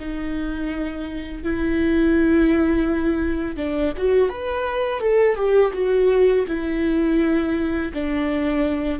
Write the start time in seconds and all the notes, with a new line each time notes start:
0.00 D#4
1.44 E4
3.57 D4
3.98 F#4
4.29 B4
5.00 A4
5.36 G4
5.74 F#4
6.48 E4
7.94 D4